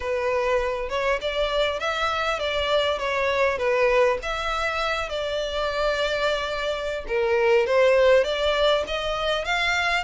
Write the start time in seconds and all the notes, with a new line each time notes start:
0.00 B4
0.89 C#5
1.21 D5
1.79 E5
2.39 D5
2.98 C#5
3.58 B4
4.22 E5
5.09 D5
7.07 A#4
7.66 C5
8.24 D5
8.87 D#5
9.44 F5